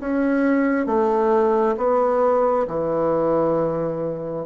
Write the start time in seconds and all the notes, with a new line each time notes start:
0.00 C#4
0.87 A3
1.77 B3
2.68 E3